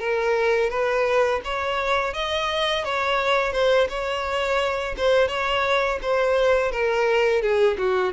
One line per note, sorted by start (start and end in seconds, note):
0.00 0.70 A#4
0.70 1.41 B4
1.45 2.14 C#5
2.14 2.85 D#5
2.85 3.53 C#5
3.53 3.88 C5
3.90 4.95 C#5
4.97 5.28 C5
5.28 5.99 C#5
6.02 6.72 C5
6.72 7.42 A#4
7.42 7.77 G#4
7.78 8.13 F#4